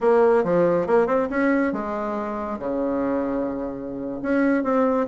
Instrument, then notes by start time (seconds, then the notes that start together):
bassoon
0.00 A#3
0.44 F3
0.86 A#3
1.06 C4
1.29 C#4
1.72 G#3
2.58 C#3
4.22 C#4
4.63 C4